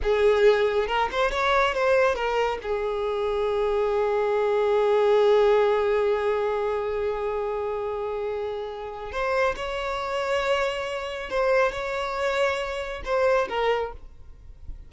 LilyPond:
\new Staff \with { instrumentName = "violin" } { \time 4/4 \tempo 4 = 138 gis'2 ais'8 c''8 cis''4 | c''4 ais'4 gis'2~ | gis'1~ | gis'1~ |
gis'1~ | gis'4 c''4 cis''2~ | cis''2 c''4 cis''4~ | cis''2 c''4 ais'4 | }